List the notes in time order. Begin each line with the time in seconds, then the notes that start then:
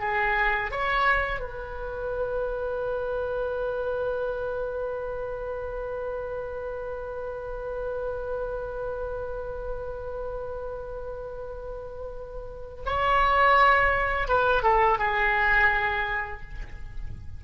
0.00 G#4
0.72 C#5
1.41 B4
12.86 C#5
14.29 B4
14.63 A4
14.99 G#4